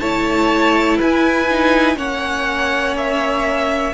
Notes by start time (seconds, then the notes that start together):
0.00 A3 E4 C#5 A5
0.98 E4 B4 G#5
1.51 D#4
1.96 A#3 C#4 C#5 F#5
2.97 E5